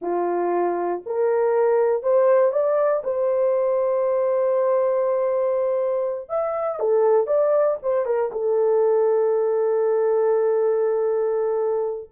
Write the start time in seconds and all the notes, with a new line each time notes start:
0.01 F4
1.06 A#4
2.03 C5
2.52 D5
3.04 C5
6.29 E5
6.79 A4
7.27 D5
7.82 C5
8.05 A#4
8.31 A4